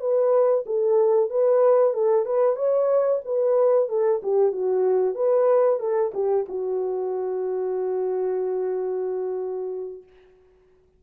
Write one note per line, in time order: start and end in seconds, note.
0.00 0.65 B4
0.66 1.30 A4
1.30 1.94 B4
1.94 2.26 A4
2.26 2.56 B4
2.56 3.21 C#5
3.25 3.89 B4
3.89 4.21 A4
4.23 4.52 G4
4.52 5.15 F#4
5.15 5.79 B4
5.80 6.12 A4
6.14 6.46 G4
6.48 10.03 F#4